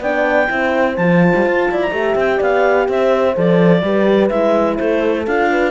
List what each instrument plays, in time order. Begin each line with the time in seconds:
0.00 cello B3, horn D4 D5, clarinet G5
0.49 cello C4, horn E4 C5
0.96 cello F3, horn F4, clarinet A5
1.34 cello G3
1.46 cello F4
1.71 cello E4, horn D5
1.81 clarinet A#5
1.91 cello A3, horn G4 E5
2.15 cello C4, clarinet G5
2.37 cello B3, horn D5, clarinet F5
2.88 cello C4, horn C5, clarinet E5
3.35 cello F3, horn A4, clarinet D5
3.82 cello G3, horn G4 B4
4.29 cello G#3, horn E4, clarinet E5
4.77 cello A3, horn A4, clarinet C5
5.27 cello D4, horn F4, clarinet F5
5.50 horn B4